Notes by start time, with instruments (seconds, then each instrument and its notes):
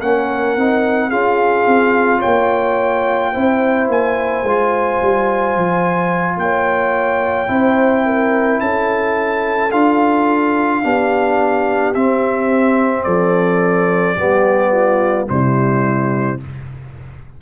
0.00 tuba A#3, trombone C#4, horn A#4, trumpet F#5
0.56 tuba C4, trombone D#4
1.09 tuba C#4, trombone F4, horn G#4, trumpet F5
1.66 tuba C4
2.19 horn C#5, trumpet G5
2.25 tuba A#3
3.32 tuba C4, trombone E4, horn C5
3.88 tuba A#3, trumpet G#5
4.44 tuba G#3, trombone F4
5.02 tuba G3
5.56 tuba F3
6.37 tuba A#3, horn C#5, trumpet G5
7.47 tuba C4, trombone E4, horn C5
8.06 horn A#4
8.60 tuba C#4, horn A4, trumpet A5
9.72 tuba D4, trombone F4, trumpet F5
10.83 tuba B3, trombone D4, horn G4
11.94 tuba C4, trombone C4, trumpet E5
13.03 tuba F3, horn A4, trumpet D5
14.16 tuba G3, trombone B3, horn G4
14.72 horn F4
15.27 tuba C3, trombone G3, horn E4, trumpet C5